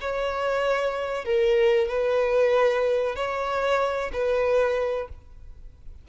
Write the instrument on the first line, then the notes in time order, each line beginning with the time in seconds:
violin
0.00 C#5
1.24 A#4
1.87 B4
3.15 C#5
4.12 B4